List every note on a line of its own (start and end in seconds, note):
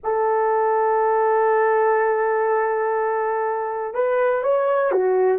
0.03 3.93 A4
3.93 4.43 B4
4.43 4.91 C#5
4.91 5.38 F#4